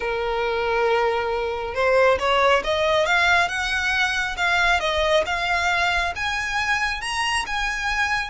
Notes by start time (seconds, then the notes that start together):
0.00 A#4
1.74 C5
2.19 C#5
2.64 D#5
3.06 F5
3.48 F#5
4.37 F5
4.80 D#5
5.26 F5
6.15 G#5
7.01 A#5
7.46 G#5